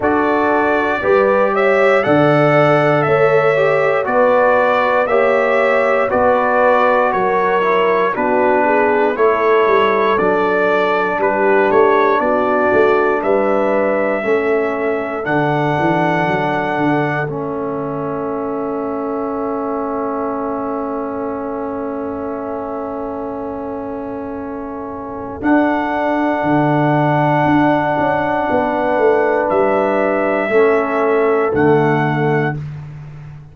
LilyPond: <<
  \new Staff \with { instrumentName = "trumpet" } { \time 4/4 \tempo 4 = 59 d''4. e''8 fis''4 e''4 | d''4 e''4 d''4 cis''4 | b'4 cis''4 d''4 b'8 cis''8 | d''4 e''2 fis''4~ |
fis''4 e''2.~ | e''1~ | e''4 fis''2.~ | fis''4 e''2 fis''4 | }
  \new Staff \with { instrumentName = "horn" } { \time 4/4 a'4 b'8 cis''8 d''4 cis''4 | b'4 cis''4 b'4 ais'4 | fis'8 gis'8 a'2 g'4 | fis'4 b'4 a'2~ |
a'1~ | a'1~ | a'1 | b'2 a'2 | }
  \new Staff \with { instrumentName = "trombone" } { \time 4/4 fis'4 g'4 a'4. g'8 | fis'4 g'4 fis'4. e'8 | d'4 e'4 d'2~ | d'2 cis'4 d'4~ |
d'4 cis'2.~ | cis'1~ | cis'4 d'2.~ | d'2 cis'4 a4 | }
  \new Staff \with { instrumentName = "tuba" } { \time 4/4 d'4 g4 d4 a4 | b4 ais4 b4 fis4 | b4 a8 g8 fis4 g8 a8 | b8 a8 g4 a4 d8 e8 |
fis8 d8 a2.~ | a1~ | a4 d'4 d4 d'8 cis'8 | b8 a8 g4 a4 d4 | }
>>